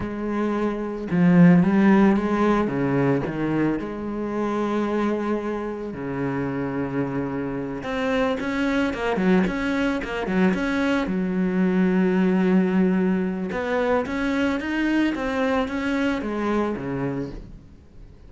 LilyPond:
\new Staff \with { instrumentName = "cello" } { \time 4/4 \tempo 4 = 111 gis2 f4 g4 | gis4 cis4 dis4 gis4~ | gis2. cis4~ | cis2~ cis8 c'4 cis'8~ |
cis'8 ais8 fis8 cis'4 ais8 fis8 cis'8~ | cis'8 fis2.~ fis8~ | fis4 b4 cis'4 dis'4 | c'4 cis'4 gis4 cis4 | }